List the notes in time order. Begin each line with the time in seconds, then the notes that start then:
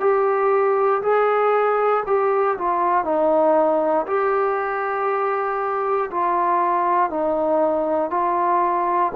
0.00 G4
1.02 G#4
2.07 G4
2.58 F4
3.04 D#4
4.07 G4
6.11 F4
7.10 D#4
8.10 F4